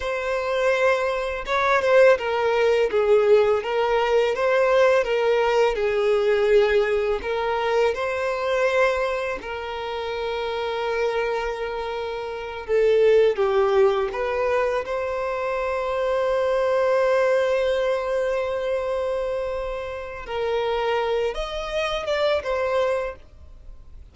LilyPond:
\new Staff \with { instrumentName = "violin" } { \time 4/4 \tempo 4 = 83 c''2 cis''8 c''8 ais'4 | gis'4 ais'4 c''4 ais'4 | gis'2 ais'4 c''4~ | c''4 ais'2.~ |
ais'4. a'4 g'4 b'8~ | b'8 c''2.~ c''8~ | c''1 | ais'4. dis''4 d''8 c''4 | }